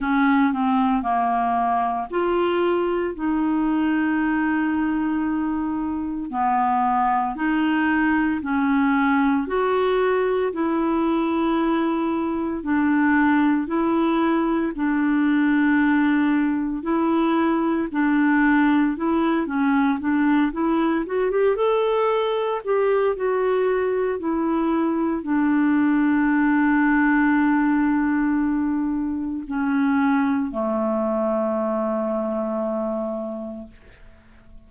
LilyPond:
\new Staff \with { instrumentName = "clarinet" } { \time 4/4 \tempo 4 = 57 cis'8 c'8 ais4 f'4 dis'4~ | dis'2 b4 dis'4 | cis'4 fis'4 e'2 | d'4 e'4 d'2 |
e'4 d'4 e'8 cis'8 d'8 e'8 | fis'16 g'16 a'4 g'8 fis'4 e'4 | d'1 | cis'4 a2. | }